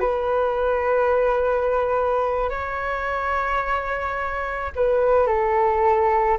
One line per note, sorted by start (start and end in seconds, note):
0.00 2.49 B4
2.49 4.72 C#5
4.76 5.27 B4
5.27 6.38 A4